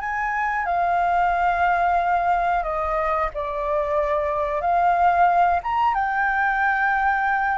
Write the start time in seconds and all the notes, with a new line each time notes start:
0.00 G#5
0.65 F5
2.63 D#5
3.33 D5
4.61 F5
5.63 A#5
5.94 G5